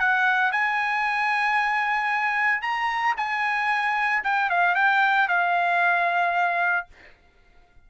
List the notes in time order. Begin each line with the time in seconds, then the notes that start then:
0.00 F#5
0.52 G#5
2.63 A#5
3.17 G#5
4.25 G5
4.50 F5
4.75 G5
5.29 F5